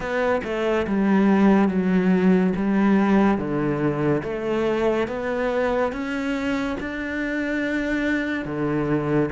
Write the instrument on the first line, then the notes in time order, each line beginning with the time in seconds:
cello
0.00 B3
0.44 A3
0.86 G3
1.68 F#3
2.55 G3
3.38 D3
4.23 A3
5.07 B3
5.92 C#4
6.80 D4
8.45 D3